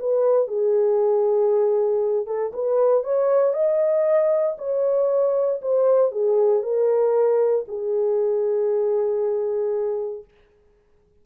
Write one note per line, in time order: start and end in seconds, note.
0.00 0.48 B4
0.48 2.27 G#4
2.27 2.52 A4
2.54 3.04 B4
3.04 3.54 C#5
3.54 4.57 D#5
4.59 5.61 C#5
5.62 6.12 C5
6.12 6.63 G#4
6.63 7.66 A#4
7.69 10.25 G#4